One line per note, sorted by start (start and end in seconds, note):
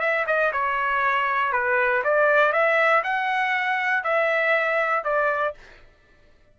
0.00 0.25 E5
0.27 0.52 D#5
0.52 1.52 C#5
1.52 2.03 B4
2.04 2.52 D5
2.52 3.03 E5
3.03 4.03 F#5
4.03 5.04 E5
5.04 5.54 D5